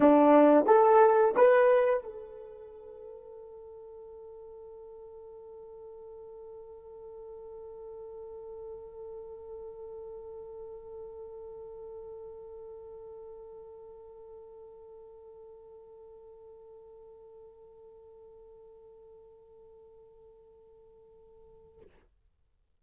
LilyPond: \new Staff \with { instrumentName = "horn" } { \time 4/4 \tempo 4 = 88 d'4 a'4 b'4 a'4~ | a'1~ | a'1~ | a'1~ |
a'1~ | a'1~ | a'1~ | a'1 | }